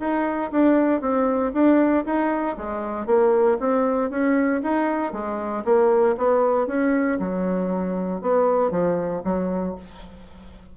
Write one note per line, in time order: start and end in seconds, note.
0.00 0.51 D#4
0.52 1.01 D4
1.01 1.52 C4
1.53 2.05 D4
2.06 2.57 D#4
2.57 3.07 G#3
3.07 3.58 A#3
3.60 4.10 C4
4.10 4.62 C#4
4.63 5.13 D#4
5.13 5.64 G#3
5.65 6.16 A#3
6.17 6.67 B3
6.67 7.19 C#4
7.20 8.21 F#3
8.21 8.71 B3
8.71 9.22 F3
9.24 9.76 F#3